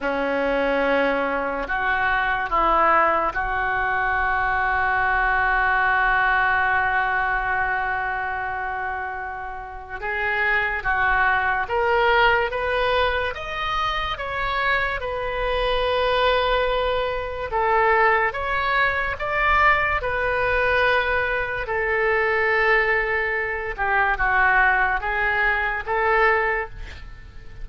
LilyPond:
\new Staff \with { instrumentName = "oboe" } { \time 4/4 \tempo 4 = 72 cis'2 fis'4 e'4 | fis'1~ | fis'1 | gis'4 fis'4 ais'4 b'4 |
dis''4 cis''4 b'2~ | b'4 a'4 cis''4 d''4 | b'2 a'2~ | a'8 g'8 fis'4 gis'4 a'4 | }